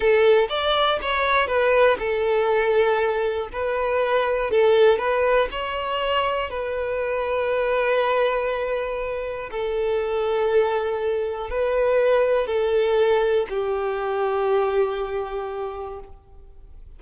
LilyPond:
\new Staff \with { instrumentName = "violin" } { \time 4/4 \tempo 4 = 120 a'4 d''4 cis''4 b'4 | a'2. b'4~ | b'4 a'4 b'4 cis''4~ | cis''4 b'2.~ |
b'2. a'4~ | a'2. b'4~ | b'4 a'2 g'4~ | g'1 | }